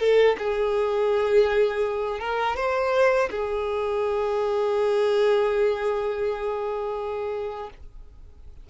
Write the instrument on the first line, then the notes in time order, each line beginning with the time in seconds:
violin
0.00 A4
0.39 G#4
2.20 A#4
2.57 C5
3.31 G#4